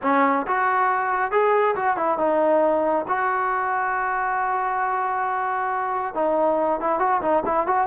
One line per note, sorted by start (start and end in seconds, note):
0.02 0.46 C#4
0.47 1.31 F#4
1.31 1.75 G#4
1.75 1.96 F#4
1.96 2.18 E4
2.18 3.05 D#4
3.08 6.14 F#4
6.14 6.80 D#4
6.80 6.99 E4
6.99 7.21 F#4
7.21 7.43 D#4
7.45 7.66 E4
7.66 7.87 F#4